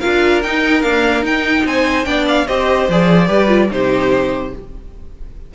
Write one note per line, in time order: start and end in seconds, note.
0.00 0.45 D4
0.00 0.44 F4
0.00 1.64 A#4
0.00 0.41 F5
0.43 0.84 D#4
0.43 0.82 G5
0.82 1.23 A#3
0.82 1.23 D4
0.82 1.23 F5
1.23 1.64 D#4
1.23 2.05 D#4
1.23 1.67 G5
1.65 2.06 C4
1.65 2.07 C5
1.65 2.05 G#5
2.05 2.48 B3
2.05 2.46 D4
2.05 2.48 D5
2.05 2.26 G5
2.28 2.48 F5
2.48 2.89 C4
2.48 2.90 G4
2.48 3.28 C5
2.48 2.89 D#5
2.89 3.29 F3
2.89 3.28 G#4
2.89 3.72 D5
3.28 3.70 G3
3.28 3.48 G4
3.28 3.69 B4
3.48 3.68 F4
3.71 4.53 C3
3.71 4.54 D#4
3.71 4.55 G4
3.71 4.54 C5